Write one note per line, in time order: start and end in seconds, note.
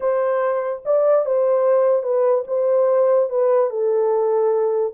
0.00 0.82 C5
0.85 1.25 D5
1.25 2.02 C5
2.02 2.44 B4
2.47 3.29 C5
3.29 3.70 B4
3.70 4.93 A4